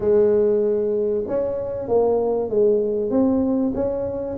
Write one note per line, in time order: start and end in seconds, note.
0.00 1.24 G#3
1.27 1.88 C#4
1.88 2.49 A#3
2.49 3.10 G#3
3.10 3.72 C4
3.74 4.37 C#4